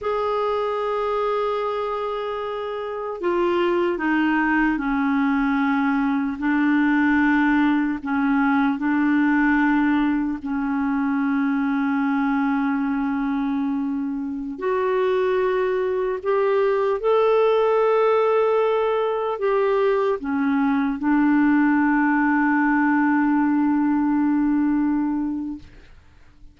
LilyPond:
\new Staff \with { instrumentName = "clarinet" } { \time 4/4 \tempo 4 = 75 gis'1 | f'4 dis'4 cis'2 | d'2 cis'4 d'4~ | d'4 cis'2.~ |
cis'2~ cis'16 fis'4.~ fis'16~ | fis'16 g'4 a'2~ a'8.~ | a'16 g'4 cis'4 d'4.~ d'16~ | d'1 | }